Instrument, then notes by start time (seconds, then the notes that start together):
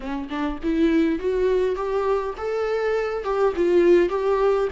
viola
0.00 C#4
0.29 D4
0.63 E4
1.19 F#4
1.75 G4
2.37 A4
3.24 G4
3.56 F4
4.09 G4